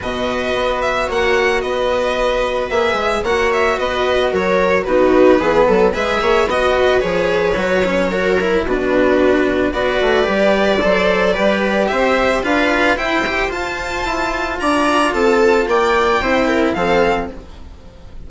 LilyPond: <<
  \new Staff \with { instrumentName = "violin" } { \time 4/4 \tempo 4 = 111 dis''4. e''8 fis''4 dis''4~ | dis''4 e''4 fis''8 e''8 dis''4 | cis''4 b'2 e''4 | dis''4 cis''2. |
b'2 d''2~ | d''2 e''4 f''4 | g''4 a''2 ais''4 | a''4 g''2 f''4 | }
  \new Staff \with { instrumentName = "viola" } { \time 4/4 b'2 cis''4 b'4~ | b'2 cis''4 b'4 | ais'4 fis'4 gis'8 a'8 b'8 cis''8 | dis''8 b'2~ b'8 ais'4 |
fis'2 b'2 | c''4 b'4 c''4 b'4 | c''2. d''4 | a'4 d''4 c''8 ais'8 a'4 | }
  \new Staff \with { instrumentName = "cello" } { \time 4/4 fis'1~ | fis'4 gis'4 fis'2~ | fis'4 dis'4 b4 gis'4 | fis'4 gis'4 fis'8 cis'8 fis'8 e'8 |
d'2 fis'4 g'4 | a'4 g'2 f'4 | e'8 g'8 f'2.~ | f'2 e'4 c'4 | }
  \new Staff \with { instrumentName = "bassoon" } { \time 4/4 b,4 b4 ais4 b4~ | b4 ais8 gis8 ais4 b4 | fis4 b4 e8 fis8 gis8 ais8 | b4 f4 fis2 |
b,2 b8 a8 g4 | fis4 g4 c'4 d'4 | e'4 f'4 e'4 d'4 | c'4 ais4 c'4 f4 | }
>>